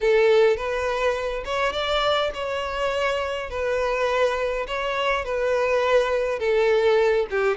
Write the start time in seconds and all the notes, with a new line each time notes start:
0.01 A4
0.56 B4
1.45 C#5
1.72 D5
2.34 C#5
3.50 B4
4.67 C#5
5.25 B4
6.39 A4
7.30 G4